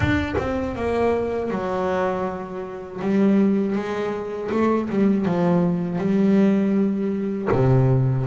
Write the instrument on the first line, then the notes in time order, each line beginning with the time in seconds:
double bass
0.00 D4
0.38 C4
0.75 A#3
1.50 F#3
3.01 G3
3.75 G#3
4.51 A3
4.89 G3
5.25 F3
5.98 G3
7.51 C3